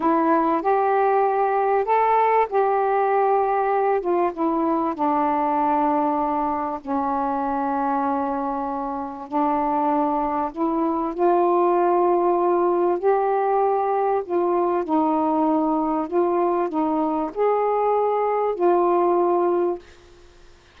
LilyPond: \new Staff \with { instrumentName = "saxophone" } { \time 4/4 \tempo 4 = 97 e'4 g'2 a'4 | g'2~ g'8 f'8 e'4 | d'2. cis'4~ | cis'2. d'4~ |
d'4 e'4 f'2~ | f'4 g'2 f'4 | dis'2 f'4 dis'4 | gis'2 f'2 | }